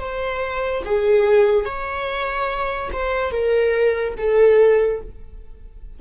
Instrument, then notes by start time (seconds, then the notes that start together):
viola
0.00 C5
0.85 G#4
1.65 C#5
2.93 C5
3.31 A#4
4.17 A4